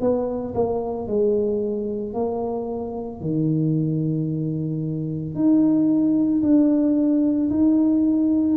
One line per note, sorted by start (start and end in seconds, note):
0.00 0.54 B3
0.55 1.07 A#3
1.07 2.13 G#3
2.13 3.20 A#3
3.20 5.35 D#3
5.35 6.42 D#4
6.42 7.50 D4
7.50 8.57 D#4